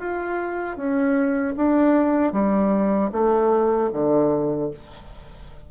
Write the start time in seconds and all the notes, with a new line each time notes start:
0.00 F4
0.77 C#4
1.57 D4
2.33 G3
3.12 A3
3.93 D3